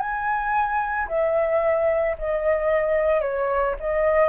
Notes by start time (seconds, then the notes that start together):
0.00 G#5
1.09 E5
2.19 D#5
3.22 C#5
3.81 D#5